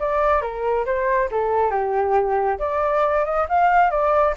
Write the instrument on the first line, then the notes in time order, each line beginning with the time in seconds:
flute
0.00 D5
0.42 A#4
0.86 C5
1.31 A4
1.71 G4
2.59 D5
3.25 D#5
3.49 F5
3.91 D5